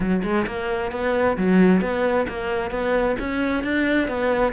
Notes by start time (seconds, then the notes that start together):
0.00 F#3
0.23 G#3
0.46 A#3
0.91 B3
1.37 F#3
1.81 B3
2.28 A#3
2.70 B3
3.19 C#4
3.63 D4
4.07 B3